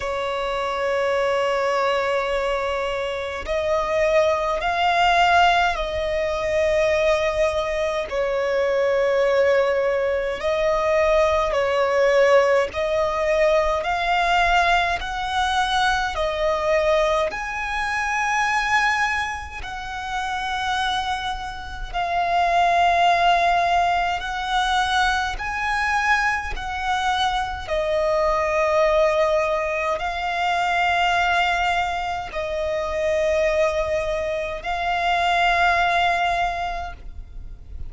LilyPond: \new Staff \with { instrumentName = "violin" } { \time 4/4 \tempo 4 = 52 cis''2. dis''4 | f''4 dis''2 cis''4~ | cis''4 dis''4 cis''4 dis''4 | f''4 fis''4 dis''4 gis''4~ |
gis''4 fis''2 f''4~ | f''4 fis''4 gis''4 fis''4 | dis''2 f''2 | dis''2 f''2 | }